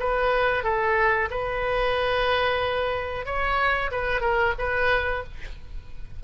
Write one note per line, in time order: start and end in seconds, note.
0.00 0.64 B4
0.64 1.29 A4
1.31 3.26 B4
3.26 3.91 C#5
3.91 4.21 B4
4.21 4.54 A#4
4.59 5.24 B4